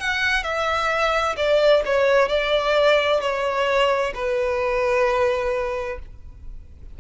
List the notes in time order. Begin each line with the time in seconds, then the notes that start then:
0.00 F#5
0.43 E5
1.37 D5
1.85 C#5
2.29 D5
3.21 C#5
4.15 B4